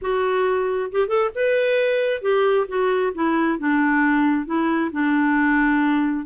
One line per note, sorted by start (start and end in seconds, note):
0.01 0.91 F#4
0.91 1.08 G4
1.08 1.30 A4
1.34 2.21 B4
2.21 2.66 G4
2.67 3.12 F#4
3.14 3.58 E4
3.58 4.46 D4
4.46 4.90 E4
4.91 6.25 D4